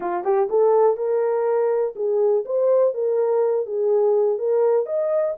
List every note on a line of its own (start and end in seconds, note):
0.00 0.24 F4
0.24 0.48 G4
0.49 0.96 A4
0.96 1.94 A#4
1.95 2.44 G#4
2.45 2.94 C5
2.94 3.66 A#4
3.66 4.38 G#4
4.38 4.86 A#4
4.86 5.35 D#5